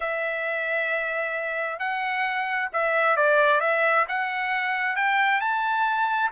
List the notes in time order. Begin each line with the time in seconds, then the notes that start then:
0.00 E5
1.79 F#5
2.73 E5
3.16 D5
3.60 E5
4.08 F#5
4.96 G5
5.40 A5